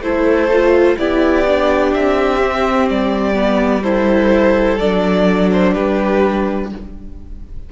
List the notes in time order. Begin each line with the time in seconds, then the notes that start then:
0.00 A3 E4 A4 C5
0.52 F4
0.98 B3 E4 G4 D5
1.47 D4
1.93 C4 E5
2.41 C4
2.89 G3 D5
3.34 B3
3.82 E4 A4 C5
4.78 F#3 D4 D5
5.51 C5
5.74 G3 G4 B4